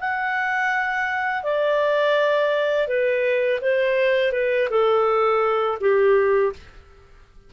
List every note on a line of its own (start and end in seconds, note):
0.00 1.43 F#5
1.43 2.88 D5
2.88 3.60 B4
3.61 4.32 C5
4.32 4.68 B4
4.70 5.79 A4
5.81 6.53 G4